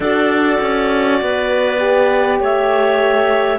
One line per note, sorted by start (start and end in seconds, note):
0.00 0.57 D4
0.00 1.78 F#4
0.00 1.20 A4
0.00 2.39 D5
0.61 1.21 C#4
1.21 2.40 B3
1.21 2.40 B4
1.78 3.58 G4
2.40 3.58 A3
2.40 3.58 C#5
2.40 3.58 E5